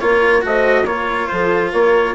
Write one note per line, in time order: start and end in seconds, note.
0.00 0.45 A#3
0.00 0.42 F4
0.00 0.46 A#4
0.00 0.43 C#5
0.42 0.85 A3
0.42 0.85 F#4
0.42 0.86 C5
0.42 0.87 D#5
0.85 1.28 A#3
0.85 2.16 F4
0.85 1.29 A#4
0.85 1.28 C#5
1.28 1.74 F3
1.28 1.72 A4
1.28 1.71 C5
1.72 2.16 A#3
1.72 2.15 A#4
1.72 2.16 C#5